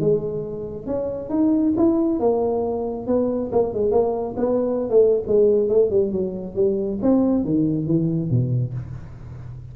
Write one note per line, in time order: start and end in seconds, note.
0.00 0.86 G#3
0.86 1.30 C#4
1.30 1.74 D#4
1.77 2.20 E4
2.20 3.07 A#3
3.07 3.51 B3
3.52 3.73 A#3
3.73 3.91 G#3
3.91 4.35 A#3
4.37 4.90 B3
4.90 5.23 A3
5.27 5.69 G#3
5.69 5.90 A3
5.90 6.12 G3
6.12 6.55 F#3
6.55 6.99 G3
7.02 7.44 C4
7.44 7.87 D#3
7.87 8.30 E3
8.30 8.74 B2